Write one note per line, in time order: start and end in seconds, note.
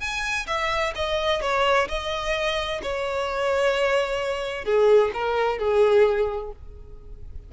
0.00 0.47 G#5
0.47 0.93 E5
0.95 1.41 D#5
1.41 1.88 C#5
1.88 2.81 D#5
2.82 4.65 C#5
4.65 5.11 G#4
5.14 5.58 A#4
5.58 6.51 G#4